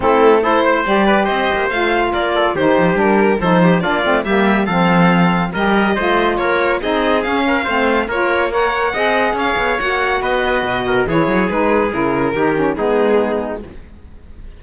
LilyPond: <<
  \new Staff \with { instrumentName = "violin" } { \time 4/4 \tempo 4 = 141 a'4 c''4 d''4 dis''4 | f''4 d''4 c''4 ais'4 | c''4 d''4 e''4 f''4~ | f''4 dis''2 cis''4 |
dis''4 f''2 cis''4 | fis''2 f''4 fis''4 | dis''2 cis''4 b'4 | ais'2 gis'2 | }
  \new Staff \with { instrumentName = "trumpet" } { \time 4/4 e'4 a'8 c''4 b'8 c''4~ | c''4 ais'8 a'8 g'2 | a'8 g'8 f'4 g'4 a'4~ | a'4 ais'4 c''4 ais'4 |
gis'4. ais'8 c''4 ais'4 | cis''4 dis''4 cis''2 | b'4. ais'8 gis'2~ | gis'4 g'4 dis'2 | }
  \new Staff \with { instrumentName = "saxophone" } { \time 4/4 c'4 e'4 g'2 | f'2 dis'4 d'4 | dis'4 d'8 c'8 ais4 c'4~ | c'4 g'4 f'2 |
dis'4 cis'4 c'4 f'4 | ais'4 gis'2 fis'4~ | fis'2 e'4 dis'4 | e'4 dis'8 cis'8 b2 | }
  \new Staff \with { instrumentName = "cello" } { \time 4/4 a2 g4 c'8 ais8 | a4 ais4 dis8 f8 g4 | f4 ais8 a8 g4 f4~ | f4 g4 a4 ais4 |
c'4 cis'4 a4 ais4~ | ais4 c'4 cis'8 b8 ais4 | b4 b,4 e8 fis8 gis4 | cis4 dis4 gis2 | }
>>